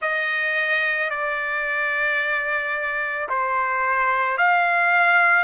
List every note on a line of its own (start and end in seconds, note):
0.01 1.10 D#5
1.10 3.28 D5
3.29 4.37 C5
4.37 5.43 F5